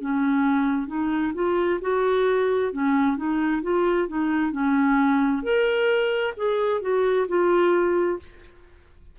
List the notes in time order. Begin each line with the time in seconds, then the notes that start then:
0.00 C#4
0.87 D#4
1.34 F4
1.81 F#4
2.72 C#4
3.17 D#4
3.62 F4
4.08 D#4
4.52 C#4
5.43 A#4
6.37 G#4
6.81 F#4
7.28 F4